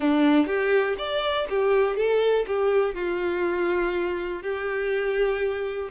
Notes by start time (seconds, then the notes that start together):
0.00 D4
0.46 G4
0.97 D5
1.49 G4
1.96 A4
2.46 G4
2.94 F4
4.42 G4